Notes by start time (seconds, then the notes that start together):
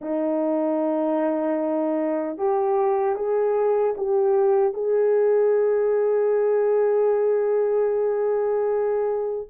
0.01 D#4
2.37 G4
3.15 G#4
3.97 G4
4.73 G#4